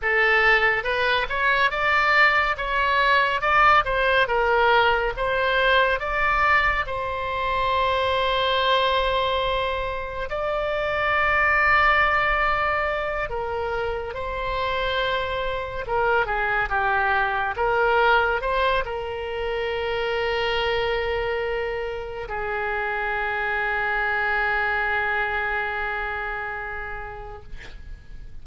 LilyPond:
\new Staff \with { instrumentName = "oboe" } { \time 4/4 \tempo 4 = 70 a'4 b'8 cis''8 d''4 cis''4 | d''8 c''8 ais'4 c''4 d''4 | c''1 | d''2.~ d''8 ais'8~ |
ais'8 c''2 ais'8 gis'8 g'8~ | g'8 ais'4 c''8 ais'2~ | ais'2 gis'2~ | gis'1 | }